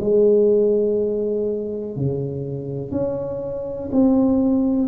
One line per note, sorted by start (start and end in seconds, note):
0.00 1.96 G#3
1.96 2.91 C#3
2.91 3.89 C#4
3.92 4.88 C4